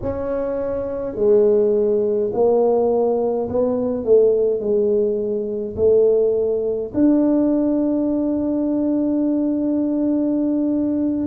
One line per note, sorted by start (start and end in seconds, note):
0.02 1.15 C#4
1.15 2.30 G#3
2.33 3.48 A#3
3.49 4.04 B3
4.04 4.59 A3
4.59 5.75 G#3
5.76 6.91 A3
6.94 11.26 D4